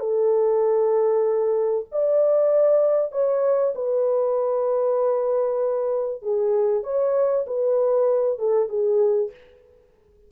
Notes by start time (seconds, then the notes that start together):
0.00 A4
1.92 D5
3.12 C#5
3.75 B4
6.22 G#4
6.84 C#5
7.47 B4
8.39 A4
8.69 G#4